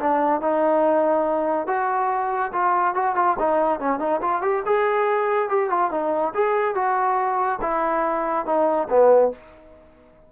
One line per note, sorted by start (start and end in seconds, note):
0.00 0.41 D4
0.41 1.67 D#4
1.67 2.52 F#4
2.53 2.95 F4
2.95 3.16 F#4
3.16 3.37 F4
3.39 3.80 D#4
3.80 3.99 C#4
3.99 4.21 D#4
4.22 4.42 F4
4.42 4.63 G4
4.66 5.49 G#4
5.49 5.70 G4
5.70 5.91 F4
5.91 6.33 D#4
6.34 6.75 G#4
6.75 7.60 F#4
7.62 8.46 E4
8.46 8.88 D#4
8.90 9.32 B3